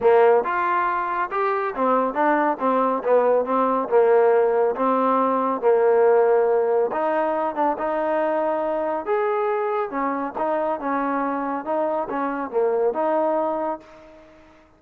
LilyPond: \new Staff \with { instrumentName = "trombone" } { \time 4/4 \tempo 4 = 139 ais4 f'2 g'4 | c'4 d'4 c'4 b4 | c'4 ais2 c'4~ | c'4 ais2. |
dis'4. d'8 dis'2~ | dis'4 gis'2 cis'4 | dis'4 cis'2 dis'4 | cis'4 ais4 dis'2 | }